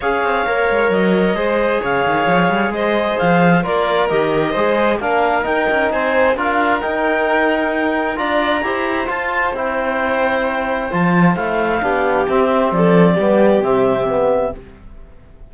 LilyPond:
<<
  \new Staff \with { instrumentName = "clarinet" } { \time 4/4 \tempo 4 = 132 f''2 dis''2 | f''2 dis''4 f''4 | d''4 dis''2 f''4 | g''4 gis''4 f''4 g''4~ |
g''2 ais''2 | a''4 g''2. | a''4 f''2 e''4 | d''2 e''2 | }
  \new Staff \with { instrumentName = "violin" } { \time 4/4 cis''2. c''4 | cis''2 c''2 | ais'2 c''4 ais'4~ | ais'4 c''4 ais'2~ |
ais'2 d''4 c''4~ | c''1~ | c''2 g'2 | a'4 g'2. | }
  \new Staff \with { instrumentName = "trombone" } { \time 4/4 gis'4 ais'2 gis'4~ | gis'1 | f'4 g'4 gis'4 d'4 | dis'2 f'4 dis'4~ |
dis'2 f'4 g'4 | f'4 e'2. | f'4 e'4 d'4 c'4~ | c'4 b4 c'4 b4 | }
  \new Staff \with { instrumentName = "cello" } { \time 4/4 cis'8 c'8 ais8 gis8 fis4 gis4 | cis8 dis8 f8 g8 gis4 f4 | ais4 dis4 gis4 ais4 | dis'8 cis'8 c'4 d'4 dis'4~ |
dis'2 d'4 e'4 | f'4 c'2. | f4 a4 b4 c'4 | f4 g4 c2 | }
>>